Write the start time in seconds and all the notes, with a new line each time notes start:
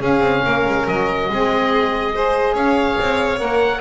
0.00 C#4 G#4 F5
0.20 C4
0.45 A#3 A#4
0.65 G#3
0.87 F#3 D#5
1.29 G#3 C4 G#4
2.13 G#4 C5
2.54 C#4 C#5 F5
3.00 C4
3.37 A#3 A#4 F#5